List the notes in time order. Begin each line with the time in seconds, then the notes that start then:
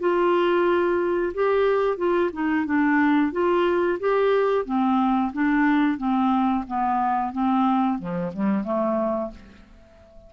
0.00 F4
1.34 G4
1.97 F4
2.33 D#4
2.66 D4
3.32 F4
4.00 G4
4.65 C4
5.33 D4
5.98 C4
6.68 B3
7.33 C4
7.99 F3
8.33 G3
8.65 A3